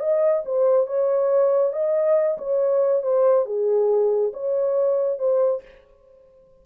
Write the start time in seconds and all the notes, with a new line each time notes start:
0.00 D#5
0.46 C5
0.87 C#5
1.73 D#5
2.38 C#5
3.03 C5
3.46 G#4
4.34 C#5
5.19 C5